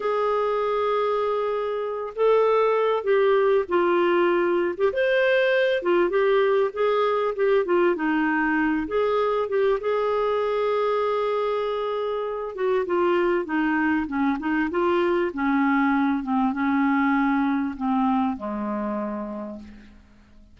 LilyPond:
\new Staff \with { instrumentName = "clarinet" } { \time 4/4 \tempo 4 = 98 gis'2.~ gis'8 a'8~ | a'4 g'4 f'4.~ f'16 g'16 | c''4. f'8 g'4 gis'4 | g'8 f'8 dis'4. gis'4 g'8 |
gis'1~ | gis'8 fis'8 f'4 dis'4 cis'8 dis'8 | f'4 cis'4. c'8 cis'4~ | cis'4 c'4 gis2 | }